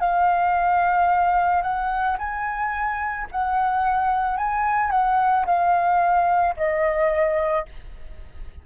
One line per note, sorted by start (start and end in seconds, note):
0.00 1.62 F5
1.62 2.17 F#5
2.18 3.27 G#5
3.31 4.37 F#5
4.37 4.90 G#5
4.90 5.45 F#5
5.46 6.55 F5
6.57 7.66 D#5